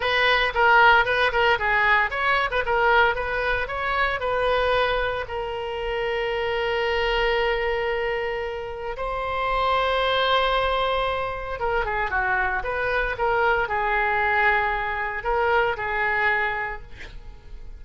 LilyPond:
\new Staff \with { instrumentName = "oboe" } { \time 4/4 \tempo 4 = 114 b'4 ais'4 b'8 ais'8 gis'4 | cis''8. b'16 ais'4 b'4 cis''4 | b'2 ais'2~ | ais'1~ |
ais'4 c''2.~ | c''2 ais'8 gis'8 fis'4 | b'4 ais'4 gis'2~ | gis'4 ais'4 gis'2 | }